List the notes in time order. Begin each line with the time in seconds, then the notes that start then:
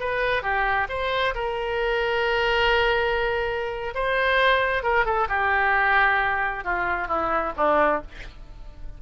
0.00 B4
0.42 G4
0.89 C5
1.35 A#4
3.95 C5
4.83 A#4
5.05 A4
5.29 G4
6.64 F4
7.08 E4
7.57 D4